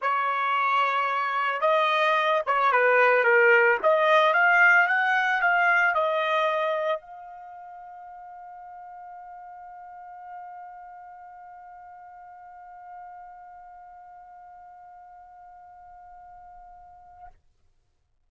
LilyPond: \new Staff \with { instrumentName = "trumpet" } { \time 4/4 \tempo 4 = 111 cis''2. dis''4~ | dis''8 cis''8 b'4 ais'4 dis''4 | f''4 fis''4 f''4 dis''4~ | dis''4 f''2.~ |
f''1~ | f''1~ | f''1~ | f''1 | }